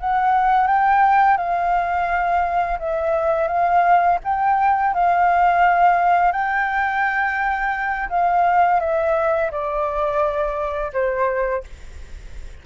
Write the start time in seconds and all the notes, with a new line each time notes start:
0.00 F#5
0.68 G5
1.38 F5
2.80 E5
3.48 F5
4.24 G5
4.95 F5
6.33 G5
8.10 F5
8.81 E5
9.52 D5
10.93 C5